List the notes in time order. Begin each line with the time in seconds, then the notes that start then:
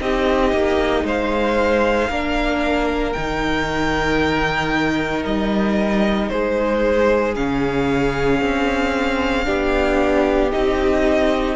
0.00 C4 D#4 G4 D#5
0.53 A#3
1.04 G#3 C5 F5
2.10 A#3 D4 A#4
3.13 D#3 D#4 G5
5.25 G3 D#5
6.29 G#3 G#4 C5
7.35 C#3 C#4 F5
8.41 C4
9.45 B3 D4 G4
10.52 C4 D#4 D#5